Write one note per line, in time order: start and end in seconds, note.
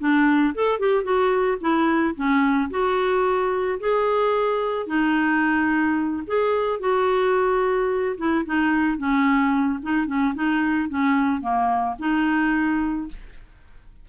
0.00 0.55 D4
0.55 0.80 A4
0.80 1.04 G4
1.04 1.58 F#4
1.61 2.16 E4
2.16 2.70 C#4
2.70 3.80 F#4
3.80 4.87 G#4
4.87 6.24 D#4
6.28 6.80 G#4
6.80 8.17 F#4
8.18 8.45 E4
8.46 8.98 D#4
8.98 9.80 C#4
9.83 10.07 D#4
10.07 10.35 C#4
10.35 10.90 D#4
10.90 11.42 C#4
11.42 11.96 A#3
12.00 13.09 D#4